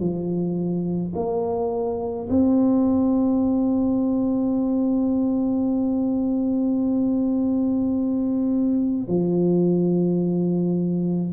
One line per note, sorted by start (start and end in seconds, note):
0.00 1.13 F3
1.15 2.28 A#3
2.30 9.08 C4
9.08 11.33 F3